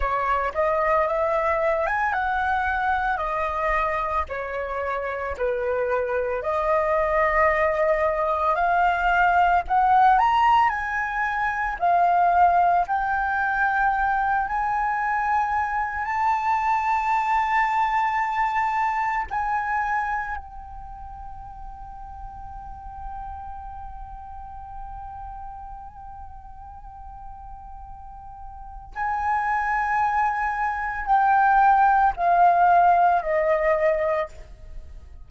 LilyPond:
\new Staff \with { instrumentName = "flute" } { \time 4/4 \tempo 4 = 56 cis''8 dis''8 e''8. gis''16 fis''4 dis''4 | cis''4 b'4 dis''2 | f''4 fis''8 ais''8 gis''4 f''4 | g''4. gis''4. a''4~ |
a''2 gis''4 g''4~ | g''1~ | g''2. gis''4~ | gis''4 g''4 f''4 dis''4 | }